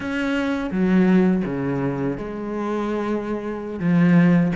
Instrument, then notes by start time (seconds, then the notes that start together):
cello
0.00 C#4
0.71 F#3
1.45 C#3
2.17 G#3
3.79 F3